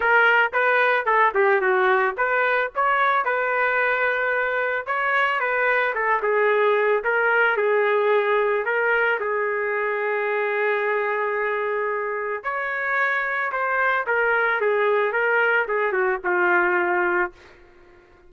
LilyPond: \new Staff \with { instrumentName = "trumpet" } { \time 4/4 \tempo 4 = 111 ais'4 b'4 a'8 g'8 fis'4 | b'4 cis''4 b'2~ | b'4 cis''4 b'4 a'8 gis'8~ | gis'4 ais'4 gis'2 |
ais'4 gis'2.~ | gis'2. cis''4~ | cis''4 c''4 ais'4 gis'4 | ais'4 gis'8 fis'8 f'2 | }